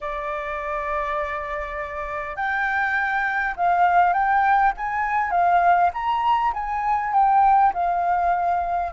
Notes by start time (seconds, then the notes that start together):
0.00 D5
2.36 G5
3.56 F5
4.13 G5
4.77 G#5
5.31 F5
5.93 A#5
6.53 G#5
7.13 G5
7.73 F5